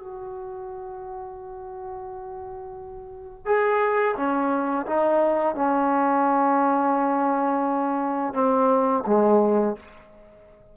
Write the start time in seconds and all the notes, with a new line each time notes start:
0.00 F#4
3.46 G#4
4.17 C#4
4.87 D#4
5.56 C#4
8.34 C4
9.07 G#3